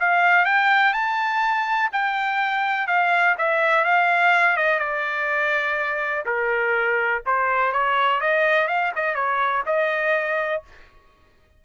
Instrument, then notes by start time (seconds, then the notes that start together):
trumpet
0.00 F5
0.46 G5
0.93 A5
1.93 G5
2.88 F5
3.38 E5
3.85 F5
4.57 D#5
4.80 D5
6.26 A#4
7.26 C5
7.73 C#5
8.21 D#5
8.68 F5
8.96 D#5
9.15 C#5
9.66 D#5